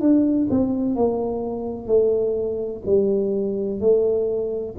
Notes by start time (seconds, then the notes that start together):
0.00 D4
0.50 C4
0.95 A#3
1.87 A3
2.86 G3
3.80 A3